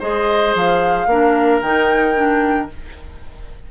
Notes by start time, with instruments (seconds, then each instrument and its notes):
0.00 bassoon G#3, clarinet G#4, oboe C5, flute D#5
0.55 bassoon F3, flute F5
1.07 bassoon A#3, clarinet D4, oboe A#4
1.62 bassoon D#3, clarinet D#4, flute G5
2.15 clarinet D4